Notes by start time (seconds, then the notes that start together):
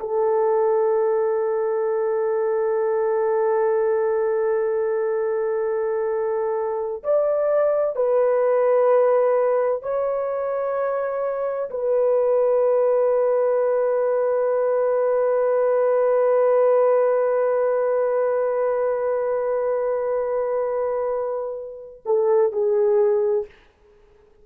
0.00 A4
7.04 D5
7.96 B4
9.83 C#5
11.71 B4
22.06 A4
22.53 G#4